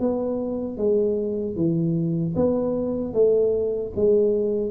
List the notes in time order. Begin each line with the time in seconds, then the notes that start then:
0.00 B3
0.78 G#3
1.56 E3
2.36 B3
3.13 A3
3.96 G#3